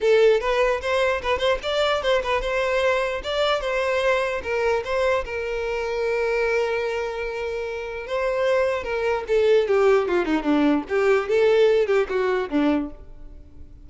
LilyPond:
\new Staff \with { instrumentName = "violin" } { \time 4/4 \tempo 4 = 149 a'4 b'4 c''4 b'8 c''8 | d''4 c''8 b'8 c''2 | d''4 c''2 ais'4 | c''4 ais'2.~ |
ais'1 | c''2 ais'4 a'4 | g'4 f'8 dis'8 d'4 g'4 | a'4. g'8 fis'4 d'4 | }